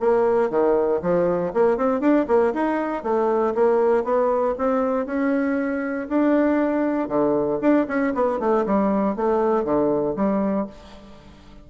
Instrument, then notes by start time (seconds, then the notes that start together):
bassoon
0.00 A#3
0.50 D#3
1.02 F3
1.54 A#3
1.78 C4
2.01 D4
2.28 A#3
2.54 D#4
3.03 A3
3.55 A#3
4.04 B3
4.58 C4
5.06 C#4
6.09 D4
7.09 D3
7.61 D4
7.88 C#4
8.14 B3
8.40 A3
8.66 G3
9.16 A3
9.64 D3
10.16 G3